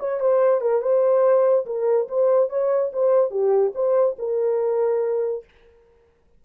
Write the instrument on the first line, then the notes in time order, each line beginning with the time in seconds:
horn
0.00 C#5
0.20 C5
0.61 A#4
0.82 C5
1.66 A#4
2.09 C5
2.50 C#5
2.93 C5
3.31 G4
3.75 C5
4.19 A#4